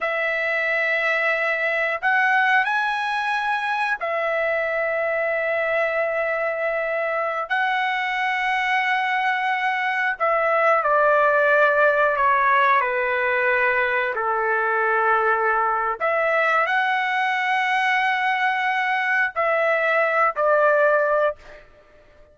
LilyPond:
\new Staff \with { instrumentName = "trumpet" } { \time 4/4 \tempo 4 = 90 e''2. fis''4 | gis''2 e''2~ | e''2.~ e''16 fis''8.~ | fis''2.~ fis''16 e''8.~ |
e''16 d''2 cis''4 b'8.~ | b'4~ b'16 a'2~ a'8. | e''4 fis''2.~ | fis''4 e''4. d''4. | }